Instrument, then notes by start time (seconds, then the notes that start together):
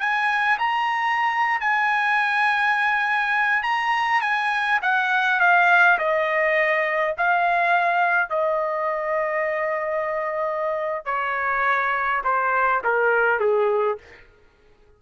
trumpet
0.00 G#5
0.59 A#5
1.60 G#5
3.63 A#5
4.22 G#5
4.82 F#5
5.40 F5
5.99 D#5
7.18 F5
8.30 D#5
11.05 C#5
12.24 C5
12.84 A#4
13.40 G#4